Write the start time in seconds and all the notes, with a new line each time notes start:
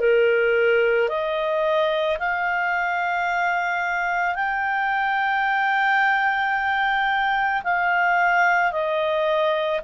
0.00 A#4
1.09 D#5
2.19 F5
4.35 G5
7.64 F5
8.72 D#5